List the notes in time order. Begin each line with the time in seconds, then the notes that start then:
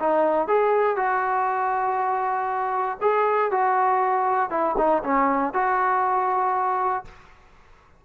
0.00 D#4
0.48 G#4
0.97 F#4
3.01 G#4
3.52 F#4
4.51 E4
4.78 D#4
5.04 C#4
5.54 F#4